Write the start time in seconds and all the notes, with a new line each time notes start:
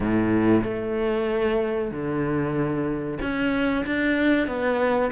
0.00 A2
0.63 A3
1.91 D3
3.21 C#4
3.86 D4
4.47 B3